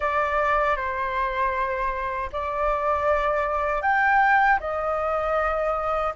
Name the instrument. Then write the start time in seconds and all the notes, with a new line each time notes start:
flute
0.00 D5
0.76 C5
2.32 D5
3.82 G5
4.60 D#5